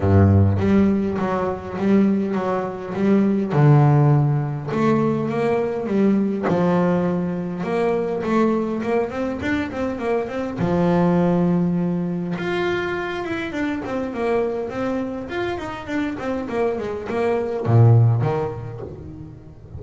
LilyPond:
\new Staff \with { instrumentName = "double bass" } { \time 4/4 \tempo 4 = 102 g,4 g4 fis4 g4 | fis4 g4 d2 | a4 ais4 g4 f4~ | f4 ais4 a4 ais8 c'8 |
d'8 c'8 ais8 c'8 f2~ | f4 f'4. e'8 d'8 c'8 | ais4 c'4 f'8 dis'8 d'8 c'8 | ais8 gis8 ais4 ais,4 dis4 | }